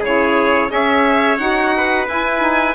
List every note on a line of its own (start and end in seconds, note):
0.00 0.68 C#3
0.00 0.69 E4
0.00 0.68 G#4
0.00 0.71 C#5
0.69 1.39 C#4
0.69 1.37 G#4
0.69 1.75 C#5
0.69 1.37 E5
1.37 2.07 D#4
1.37 2.06 F#4
1.37 2.06 F#5
1.76 2.75 B4
2.08 2.75 E4
2.08 2.39 E4
2.08 2.75 G#5
2.39 2.73 D#4